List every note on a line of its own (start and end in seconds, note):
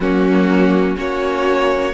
0.00 0.96 F#3
0.00 0.96 A#3
0.00 0.96 C#4
0.00 0.97 F#4
0.96 1.93 A#3
0.96 1.93 C#4
0.96 1.93 F#4
0.96 1.93 C#5